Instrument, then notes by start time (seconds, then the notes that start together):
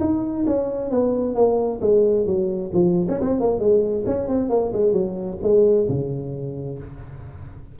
tuba
0.00 D#4
0.46 C#4
0.90 B3
1.35 A#3
1.81 G#3
2.26 F#3
2.73 F3
3.08 C#4
3.21 C4
3.40 A#3
3.59 G#3
4.06 C#4
4.28 C4
4.49 A#3
4.73 G#3
4.92 F#3
5.42 G#3
5.88 C#3